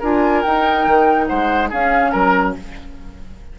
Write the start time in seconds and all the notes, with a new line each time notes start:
0.00 D4 F4 A#4 G#5
0.42 D#4 G5
0.87 D#3
1.27 G#3 C5 F#5
1.69 C#4 G#4 F5
2.11 F#3 A#4 A#5